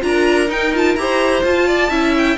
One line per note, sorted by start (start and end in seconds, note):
0.00 0.50 D4
0.00 0.47 F4
0.00 0.50 A#5
0.06 1.01 A#4
0.47 0.71 D#4
0.47 0.96 D#4
0.47 0.75 G5
0.74 0.98 F4
0.74 0.96 A5
0.96 1.44 E4
0.96 1.43 G4
0.96 1.68 C5
0.96 1.43 A#5
1.43 1.90 F4
1.43 2.15 A5
1.68 1.90 D5
1.90 2.37 C#4
1.90 2.38 E4
1.90 2.37 E5
2.18 2.38 G5